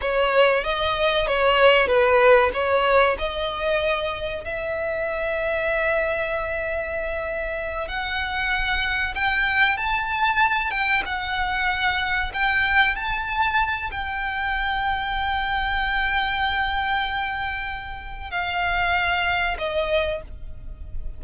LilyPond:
\new Staff \with { instrumentName = "violin" } { \time 4/4 \tempo 4 = 95 cis''4 dis''4 cis''4 b'4 | cis''4 dis''2 e''4~ | e''1~ | e''8 fis''2 g''4 a''8~ |
a''4 g''8 fis''2 g''8~ | g''8 a''4. g''2~ | g''1~ | g''4 f''2 dis''4 | }